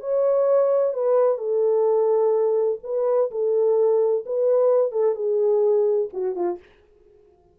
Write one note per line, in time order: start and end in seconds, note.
0.00 0.93 C#5
0.93 1.38 B4
1.38 2.78 A4
2.83 3.30 B4
3.31 4.24 A4
4.26 4.92 B4
4.92 5.15 A4
5.15 6.08 G#4
6.13 6.35 F#4
6.35 6.59 F4